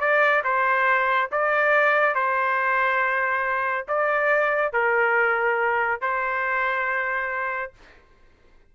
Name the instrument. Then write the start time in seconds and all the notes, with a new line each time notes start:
trumpet
0.00 D5
0.44 C5
1.31 D5
2.15 C5
3.88 D5
4.73 A#4
6.01 C5